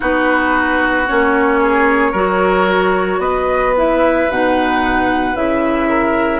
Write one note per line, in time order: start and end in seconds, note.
0.00 1.08 B3
0.00 1.06 D#4
0.00 1.59 F#4
0.00 1.07 B4
1.07 2.13 A#3
1.07 2.14 C#4
1.07 3.20 C#5
1.61 2.11 G#4
2.11 3.18 F#3
2.11 3.74 F#4
2.11 3.18 A#4
3.18 4.25 B3
3.18 5.88 B4
3.18 3.73 D#5
3.76 4.29 E4
3.76 4.31 E5
4.29 5.35 B2
4.29 5.34 D#4
4.29 5.35 F#5
5.34 6.40 C#3
5.34 6.40 E4
5.34 6.40 E5
5.88 6.40 A#4